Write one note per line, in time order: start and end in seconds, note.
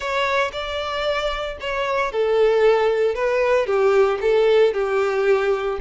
0.00 0.51 C#5
0.52 1.57 D5
1.60 2.11 C#5
2.11 3.14 A4
3.14 3.66 B4
3.66 4.18 G4
4.21 4.73 A4
4.73 5.78 G4